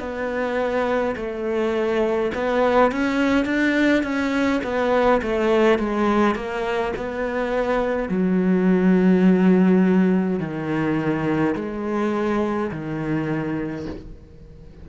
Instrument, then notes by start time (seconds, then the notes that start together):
cello
0.00 B3
1.16 A3
2.35 B3
2.92 C#4
3.46 D4
4.04 C#4
4.64 B3
5.22 A3
5.80 G#3
6.36 A#3
6.97 B3
8.09 F#3
10.40 D#3
11.56 G#3
12.72 D#3